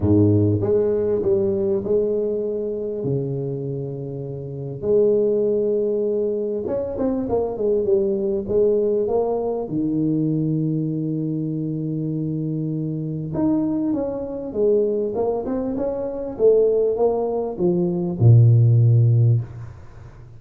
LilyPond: \new Staff \with { instrumentName = "tuba" } { \time 4/4 \tempo 4 = 99 gis,4 gis4 g4 gis4~ | gis4 cis2. | gis2. cis'8 c'8 | ais8 gis8 g4 gis4 ais4 |
dis1~ | dis2 dis'4 cis'4 | gis4 ais8 c'8 cis'4 a4 | ais4 f4 ais,2 | }